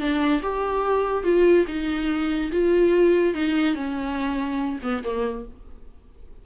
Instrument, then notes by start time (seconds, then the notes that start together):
viola
0.00 D4
0.42 G4
1.24 F4
1.68 D#4
2.52 F4
3.34 D#4
3.75 C#4
4.83 B3
5.04 A#3